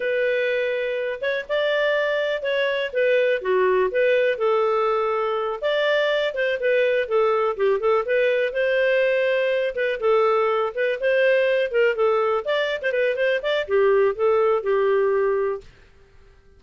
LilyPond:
\new Staff \with { instrumentName = "clarinet" } { \time 4/4 \tempo 4 = 123 b'2~ b'8 cis''8 d''4~ | d''4 cis''4 b'4 fis'4 | b'4 a'2~ a'8 d''8~ | d''4 c''8 b'4 a'4 g'8 |
a'8 b'4 c''2~ c''8 | b'8 a'4. b'8 c''4. | ais'8 a'4 d''8. c''16 b'8 c''8 d''8 | g'4 a'4 g'2 | }